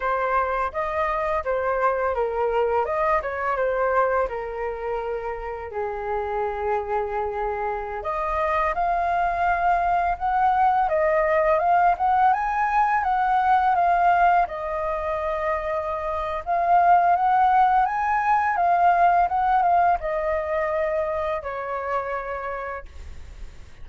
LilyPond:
\new Staff \with { instrumentName = "flute" } { \time 4/4 \tempo 4 = 84 c''4 dis''4 c''4 ais'4 | dis''8 cis''8 c''4 ais'2 | gis'2.~ gis'16 dis''8.~ | dis''16 f''2 fis''4 dis''8.~ |
dis''16 f''8 fis''8 gis''4 fis''4 f''8.~ | f''16 dis''2~ dis''8. f''4 | fis''4 gis''4 f''4 fis''8 f''8 | dis''2 cis''2 | }